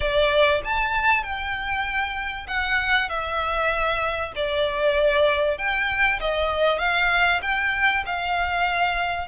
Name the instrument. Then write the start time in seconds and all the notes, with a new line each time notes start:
violin
0.00 D5
0.64 A5
1.23 G5
2.47 F#5
3.09 E5
4.35 D5
5.58 G5
6.20 D#5
6.78 F5
7.42 G5
8.06 F5